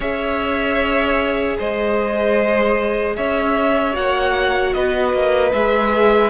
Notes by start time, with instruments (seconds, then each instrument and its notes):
0.00 cello C#4, viola G#4, violin C#5 E5
1.58 cello G#3, violin C5 D#5
3.16 cello C#4, violin C#5 E5
3.91 cello A#3, viola F#4, violin F#5
4.73 cello B3, violin B4 D#5
5.13 cello A#3
5.52 cello G#3, viola G#4, violin E5